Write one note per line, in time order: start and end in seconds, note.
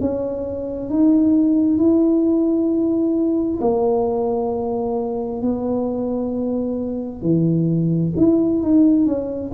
0.00 0.90 C#4
0.90 1.78 D#4
1.78 3.60 E4
3.61 5.42 A#3
5.42 7.21 B3
7.21 8.12 E3
8.17 8.62 E4
8.62 9.06 D#4
9.06 9.51 C#4